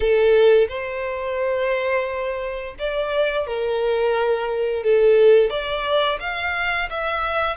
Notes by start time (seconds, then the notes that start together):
0.00 A4
0.68 C5
2.78 D5
3.46 A#4
4.83 A4
5.50 D5
6.20 F5
6.90 E5